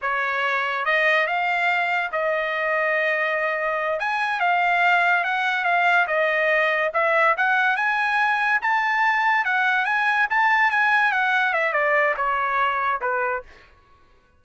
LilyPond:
\new Staff \with { instrumentName = "trumpet" } { \time 4/4 \tempo 4 = 143 cis''2 dis''4 f''4~ | f''4 dis''2.~ | dis''4. gis''4 f''4.~ | f''8 fis''4 f''4 dis''4.~ |
dis''8 e''4 fis''4 gis''4.~ | gis''8 a''2 fis''4 gis''8~ | gis''8 a''4 gis''4 fis''4 e''8 | d''4 cis''2 b'4 | }